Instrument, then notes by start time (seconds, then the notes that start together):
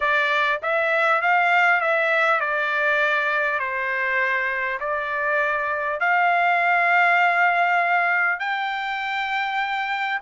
trumpet
0.00 D5
0.62 E5
1.21 F5
1.80 E5
2.40 D5
3.59 C5
4.80 D5
5.99 F5
8.39 G5